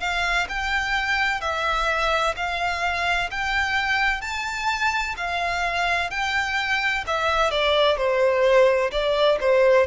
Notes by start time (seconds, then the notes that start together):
0.00 F5
0.49 G5
1.41 E5
2.36 F5
3.30 G5
4.21 A5
5.17 F5
6.10 G5
7.07 E5
7.50 D5
7.97 C5
8.91 D5
9.40 C5